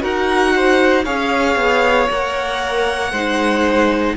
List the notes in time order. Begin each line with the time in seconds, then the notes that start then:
0.00 D#4 F#4 A#4 F#5
0.56 C5
1.05 C#4 G#4 C#5 F5
1.55 B3
2.10 A#3 A#4 F#5
3.11 G#3 D#4 C5